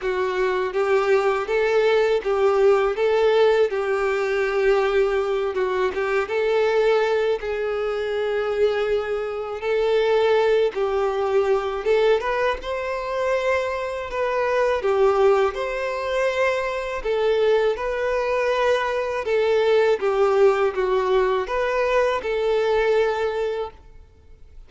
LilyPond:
\new Staff \with { instrumentName = "violin" } { \time 4/4 \tempo 4 = 81 fis'4 g'4 a'4 g'4 | a'4 g'2~ g'8 fis'8 | g'8 a'4. gis'2~ | gis'4 a'4. g'4. |
a'8 b'8 c''2 b'4 | g'4 c''2 a'4 | b'2 a'4 g'4 | fis'4 b'4 a'2 | }